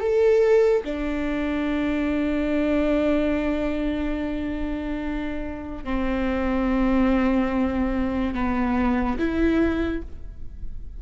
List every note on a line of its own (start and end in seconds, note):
0.00 0.83 A4
0.84 5.84 D4
5.84 8.34 C4
8.34 9.17 B3
9.19 10.02 E4